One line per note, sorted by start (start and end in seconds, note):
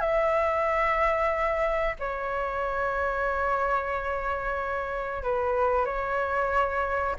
0.00 1.96 E5
1.99 5.23 C#5
5.23 5.85 B4
5.85 7.16 C#5